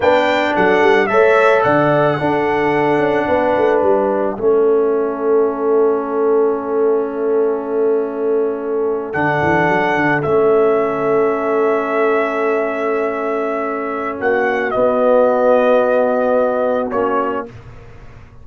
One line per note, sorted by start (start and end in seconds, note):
0.00 0.53 B3
0.00 1.08 D4
0.00 0.53 B4
0.00 0.55 G5
0.54 0.82 F#3
0.54 1.08 A4
0.54 1.07 F#5
0.82 1.09 G3
1.07 1.64 A3
1.07 2.17 A4
1.07 1.63 C#5
1.07 1.61 E5
1.63 2.19 D3
1.63 2.17 D5
1.63 3.80 F#5
2.18 4.37 D4
2.18 2.98 D4
2.18 3.26 A4
2.98 3.25 C#4
3.26 3.55 B3
3.26 4.35 B4
3.57 3.82 A3
3.80 4.36 G3
3.80 9.12 E5
4.37 9.14 A3
4.37 9.14 C#4
4.37 14.17 A4
9.12 9.41 D3
9.12 10.23 D4
9.12 10.22 F#5
9.42 9.68 E3
9.68 9.95 F#3
9.95 10.22 D3
10.22 14.20 A3
10.22 14.72 C#4
10.22 14.18 E5
14.17 14.74 A#3
14.17 17.44 F#4
14.17 14.70 F#5
14.70 16.90 B3
14.70 16.92 B3
14.70 16.89 D#5
16.91 17.46 A#3
16.91 17.46 C#4
16.91 17.45 C#5